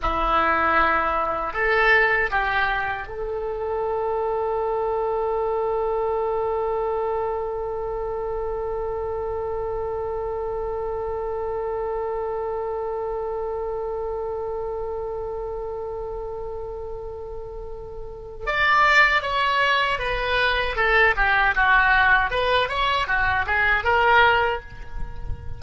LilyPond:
\new Staff \with { instrumentName = "oboe" } { \time 4/4 \tempo 4 = 78 e'2 a'4 g'4 | a'1~ | a'1~ | a'1~ |
a'1~ | a'1 | d''4 cis''4 b'4 a'8 g'8 | fis'4 b'8 cis''8 fis'8 gis'8 ais'4 | }